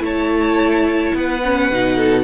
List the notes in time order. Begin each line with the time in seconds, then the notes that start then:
0.00 A3 E4 C#5 A5
1.15 B3 B4 F#5
1.45 C#4
1.71 B2 D#4
1.96 A4